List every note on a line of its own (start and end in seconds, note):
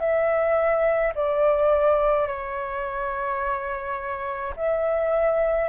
0.00 1.13 E5
1.15 2.27 D5
2.27 4.54 C#5
4.56 5.69 E5